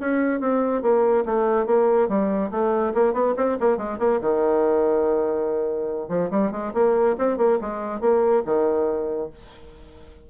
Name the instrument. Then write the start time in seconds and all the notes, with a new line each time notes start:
bassoon
0.00 C#4
0.40 C4
0.82 A#3
1.25 A3
1.66 A#3
2.08 G3
2.51 A3
2.94 A#3
3.13 B3
3.37 C4
3.60 A#3
3.77 G#3
3.99 A#3
4.21 D#3
6.09 F3
6.31 G3
6.51 G#3
6.74 A#3
7.18 C4
7.37 A#3
7.61 G#3
8.01 A#3
8.45 D#3